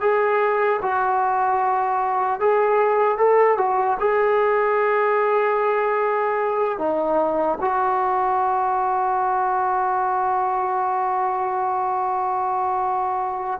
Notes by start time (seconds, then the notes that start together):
0.00 G#4
0.82 F#4
2.40 G#4
3.17 A4
3.57 F#4
3.99 G#4
6.78 D#4
7.60 F#4